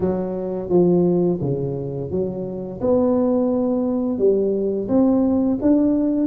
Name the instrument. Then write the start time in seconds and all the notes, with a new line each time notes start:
tuba
0.00 F#3
0.68 F3
1.41 C#3
2.10 F#3
2.81 B3
4.18 G3
4.88 C4
5.61 D4